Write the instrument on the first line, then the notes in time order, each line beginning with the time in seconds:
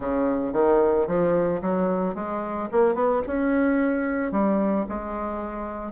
bassoon
0.00 C#3
0.53 D#3
1.07 F3
1.61 F#3
2.14 G#3
2.71 A#3
2.94 B3
3.27 C#4
4.31 G3
4.88 G#3